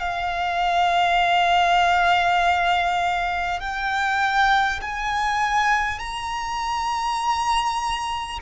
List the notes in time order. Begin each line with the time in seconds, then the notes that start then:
0.00 F5
3.60 G5
4.82 G#5
5.99 A#5